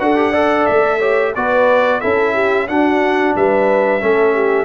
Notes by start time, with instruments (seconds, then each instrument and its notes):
0.00 tuba D4, trombone F#4, horn A4, trumpet F#5
0.17 trombone G4
0.31 trombone A4, horn D5
0.67 tuba A3, trumpet E5
0.99 trombone G4, horn C#5
1.35 tuba B3, trombone F#4, horn B4, trumpet D5
2.01 tuba C#4, trombone E4, horn A4, trumpet E5
2.33 horn G4
2.68 tuba D4, trombone D4, horn F#4, trumpet F#5
3.36 tuba G3, horn B4, trumpet E5
4.00 tuba A3, trombone C#4, horn A4
4.34 horn G4